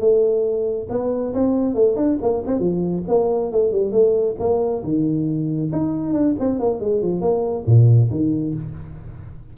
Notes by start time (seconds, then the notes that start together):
0.00 A3
0.90 B3
1.34 C4
1.75 A3
1.96 D4
2.22 A#3
2.47 C4
2.60 F3
3.08 A#3
3.52 A3
3.72 G3
3.92 A3
4.40 A#3
4.84 D#3
5.73 D#4
6.13 D4
6.39 C4
6.60 A#3
6.80 G#3
7.02 F3
7.21 A#3
7.66 A#2
8.11 D#3